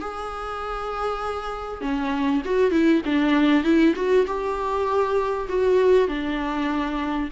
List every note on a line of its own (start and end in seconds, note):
0.00 1.81 G#4
1.81 2.42 C#4
2.45 2.71 F#4
2.71 3.01 E4
3.05 3.63 D4
3.63 3.94 E4
3.95 4.26 F#4
4.26 5.48 G4
5.48 6.08 F#4
6.08 7.29 D4